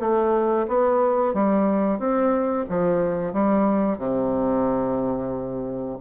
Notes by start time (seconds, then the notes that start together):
0.00 A3
0.68 B3
1.34 G3
1.99 C4
2.69 F3
3.33 G3
3.98 C3